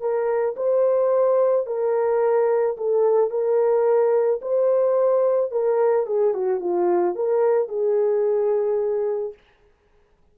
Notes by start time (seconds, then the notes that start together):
0.00 A#4
0.57 C5
1.66 A#4
2.77 A4
3.30 A#4
4.42 C5
5.51 A#4
6.07 G#4
6.34 F#4
6.60 F4
7.15 A#4
7.68 G#4